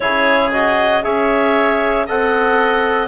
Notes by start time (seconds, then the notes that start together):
0.00 C#3 E4 G#4 C#5
0.51 F#4 D#5
1.03 C#4 G#4 C#5 E5
2.06 C4 A4 D#5 F#5